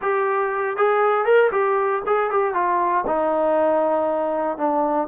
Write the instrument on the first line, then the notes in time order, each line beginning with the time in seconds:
trombone
0.01 G4
0.76 G#4
1.25 A#4
1.51 G4
2.06 G#4
2.30 G4
2.54 F4
3.06 D#4
4.57 D4